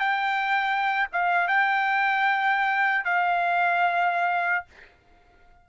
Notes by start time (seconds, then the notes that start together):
0.00 G5
1.13 F5
1.48 G5
3.05 F5